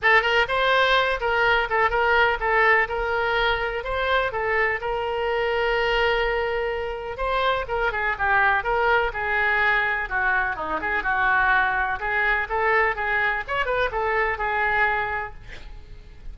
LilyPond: \new Staff \with { instrumentName = "oboe" } { \time 4/4 \tempo 4 = 125 a'8 ais'8 c''4. ais'4 a'8 | ais'4 a'4 ais'2 | c''4 a'4 ais'2~ | ais'2. c''4 |
ais'8 gis'8 g'4 ais'4 gis'4~ | gis'4 fis'4 dis'8 gis'8 fis'4~ | fis'4 gis'4 a'4 gis'4 | cis''8 b'8 a'4 gis'2 | }